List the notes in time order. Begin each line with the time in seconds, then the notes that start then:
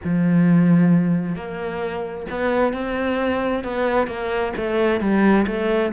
0.04 F3
1.35 A#3
2.30 B3
2.73 C4
3.63 B3
4.07 A#3
4.56 A3
5.00 G3
5.47 A3